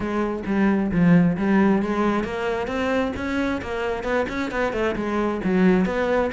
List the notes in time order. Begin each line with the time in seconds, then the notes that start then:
0.00 G#3
0.46 G3
0.91 F3
1.37 G3
1.82 G#3
2.23 A#3
2.67 C4
3.16 C#4
3.61 A#3
4.03 B3
4.29 C#4
4.51 B3
4.72 A3
4.95 G#3
5.44 F#3
5.85 B3